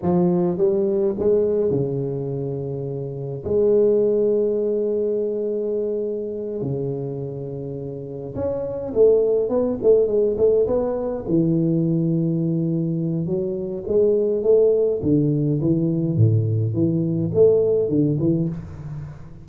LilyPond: \new Staff \with { instrumentName = "tuba" } { \time 4/4 \tempo 4 = 104 f4 g4 gis4 cis4~ | cis2 gis2~ | gis2.~ gis8 cis8~ | cis2~ cis8 cis'4 a8~ |
a8 b8 a8 gis8 a8 b4 e8~ | e2. fis4 | gis4 a4 d4 e4 | a,4 e4 a4 d8 e8 | }